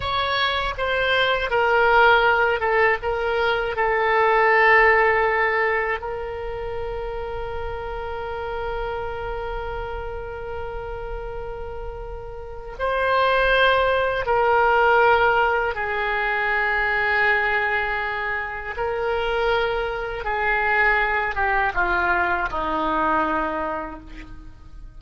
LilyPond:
\new Staff \with { instrumentName = "oboe" } { \time 4/4 \tempo 4 = 80 cis''4 c''4 ais'4. a'8 | ais'4 a'2. | ais'1~ | ais'1~ |
ais'4 c''2 ais'4~ | ais'4 gis'2.~ | gis'4 ais'2 gis'4~ | gis'8 g'8 f'4 dis'2 | }